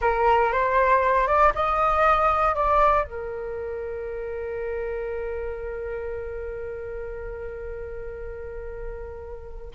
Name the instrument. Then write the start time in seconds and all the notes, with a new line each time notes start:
flute
0.01 A#4
0.52 C5
1.27 D5
1.54 D#5
2.55 D5
3.04 A#4